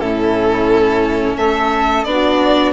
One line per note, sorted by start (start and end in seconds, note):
0.00 1.36 A2
0.00 2.06 C#4
0.00 1.36 E4
0.00 1.37 A4
1.36 2.04 A3
1.36 2.07 A4
1.36 2.04 E5
2.04 2.73 B3
2.04 2.73 D4
2.04 2.72 D5
2.10 2.73 F#4